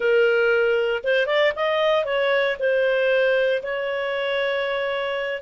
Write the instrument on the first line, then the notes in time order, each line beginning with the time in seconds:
clarinet
0.00 A#4
1.03 C5
1.26 D5
1.55 D#5
2.05 C#5
2.59 C5
3.62 C#5